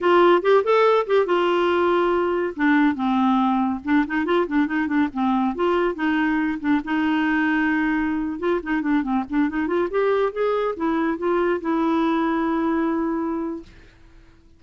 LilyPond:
\new Staff \with { instrumentName = "clarinet" } { \time 4/4 \tempo 4 = 141 f'4 g'8 a'4 g'8 f'4~ | f'2 d'4 c'4~ | c'4 d'8 dis'8 f'8 d'8 dis'8 d'8 | c'4 f'4 dis'4. d'8 |
dis'2.~ dis'8. f'16~ | f'16 dis'8 d'8 c'8 d'8 dis'8 f'8 g'8.~ | g'16 gis'4 e'4 f'4 e'8.~ | e'1 | }